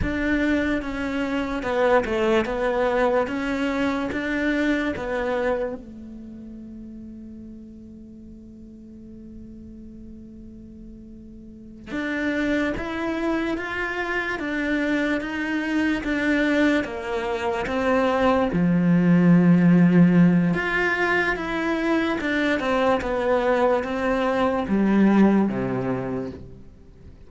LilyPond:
\new Staff \with { instrumentName = "cello" } { \time 4/4 \tempo 4 = 73 d'4 cis'4 b8 a8 b4 | cis'4 d'4 b4 a4~ | a1~ | a2~ a8 d'4 e'8~ |
e'8 f'4 d'4 dis'4 d'8~ | d'8 ais4 c'4 f4.~ | f4 f'4 e'4 d'8 c'8 | b4 c'4 g4 c4 | }